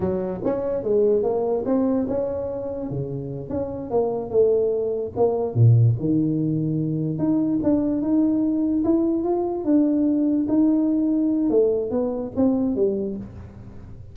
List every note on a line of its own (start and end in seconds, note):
0.00 0.40 F#3
0.44 0.83 C#4
0.83 1.22 G#3
1.22 1.63 A#3
1.65 2.06 C4
2.08 2.90 C#4
2.90 3.49 C#3
3.49 3.90 C#4
3.90 4.30 A#3
4.30 5.12 A3
5.16 5.54 A#3
5.54 5.95 A#2
5.99 7.18 D#3
7.18 7.59 D#4
7.63 8.01 D4
8.01 8.83 D#4
8.84 9.23 E4
9.23 9.64 F4
9.64 10.46 D4
10.48 11.50 D#4
11.50 11.91 A3
11.91 12.32 B3
12.36 12.75 C4
12.75 13.16 G3